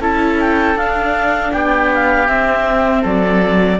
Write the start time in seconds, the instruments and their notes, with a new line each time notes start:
0.00 cello C#4, viola E4, oboe A4, clarinet A5
0.41 clarinet G5
0.75 cello D4, viola D4, clarinet F5
1.52 cello B3, oboe G4, clarinet G5
1.94 clarinet F5
2.27 viola C4, cello C4, clarinet E5
3.01 cello F#3, oboe A4, clarinet D5